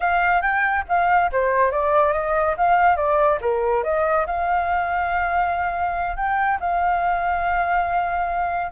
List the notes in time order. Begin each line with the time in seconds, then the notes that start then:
0.00 F5
0.41 G5
0.88 F5
1.32 C5
1.71 D5
2.13 D#5
2.57 F5
2.96 D5
3.41 A#4
3.83 D#5
4.26 F5
6.16 G5
6.60 F5